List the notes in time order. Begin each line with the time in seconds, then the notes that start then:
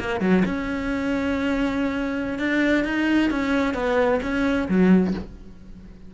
0.00 A#3
0.21 F#3
0.46 C#4
2.39 D4
2.85 D#4
3.31 C#4
3.75 B3
4.23 C#4
4.69 F#3